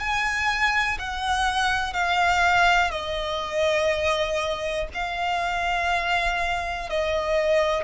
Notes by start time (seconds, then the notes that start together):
0.00 G#5
0.99 F#5
1.94 F5
2.91 D#5
4.94 F5
6.90 D#5